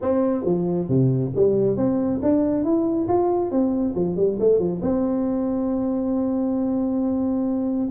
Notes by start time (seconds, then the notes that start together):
0.01 C4
0.45 F3
0.88 C3
1.35 G3
1.76 C4
2.22 D4
2.64 E4
3.08 F4
3.51 C4
3.95 F3
4.16 G3
4.39 A3
4.58 F3
4.82 C4